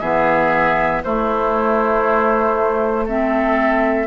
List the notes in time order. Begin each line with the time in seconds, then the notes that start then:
0.00 E3 B3 G#4 E5
1.03 A3 E4 C5
3.05 C4 A4 E5